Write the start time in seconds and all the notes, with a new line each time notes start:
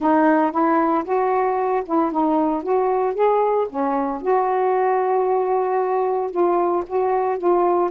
0.00 D#4
0.51 E4
1.04 F#4
1.85 E4
2.11 D#4
2.62 F#4
3.14 G#4
3.69 C#4
4.21 F#4
6.31 F4
6.86 F#4
7.38 F4